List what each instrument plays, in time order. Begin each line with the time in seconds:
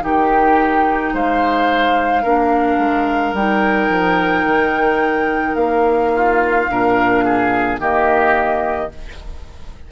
0.00 bassoon D#3, clarinet D#4, oboe G4, flute G5
1.13 bassoon G#3, oboe C5, flute F5
2.23 bassoon A#3, clarinet D4, oboe A#4
2.78 bassoon G#3
3.33 bassoon G3, clarinet D#4, flute G5
3.89 bassoon F3
4.45 bassoon D#3
5.55 bassoon A#3, flute F5
6.15 oboe F4
6.69 bassoon A#2, clarinet D4, oboe A#4
7.25 oboe G#4
7.79 bassoon D#3, clarinet A#3, oboe G4, flute D#5